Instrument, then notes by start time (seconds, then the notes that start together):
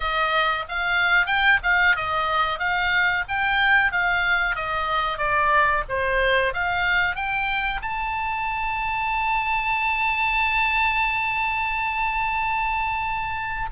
oboe
0.00 D#5
0.68 F5
1.26 G5
1.63 F5
1.96 D#5
2.59 F5
3.28 G5
3.92 F5
4.55 D#5
5.18 D5
5.88 C5
6.53 F5
7.15 G5
7.82 A5